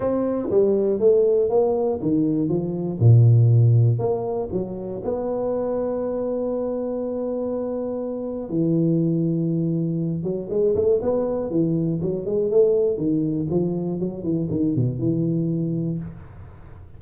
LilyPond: \new Staff \with { instrumentName = "tuba" } { \time 4/4 \tempo 4 = 120 c'4 g4 a4 ais4 | dis4 f4 ais,2 | ais4 fis4 b2~ | b1~ |
b4 e2.~ | e8 fis8 gis8 a8 b4 e4 | fis8 gis8 a4 dis4 f4 | fis8 e8 dis8 b,8 e2 | }